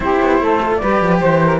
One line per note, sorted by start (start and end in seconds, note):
0.00 0.18 C4
0.00 0.59 E4
0.00 0.41 G4
0.00 0.77 C5
0.21 0.41 B3
0.41 0.81 A3
0.41 0.81 A4
0.62 0.82 F4
0.77 1.01 G3
0.77 1.59 G4
0.77 1.21 B4
0.77 1.17 D5
1.01 1.21 F3
1.20 1.59 E3
1.20 1.59 C5
1.20 1.41 C5
1.44 1.59 A#4